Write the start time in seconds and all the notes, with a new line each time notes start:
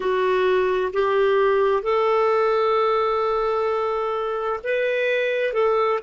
0.00 F#4
0.93 G4
1.83 A4
4.63 B4
5.53 A4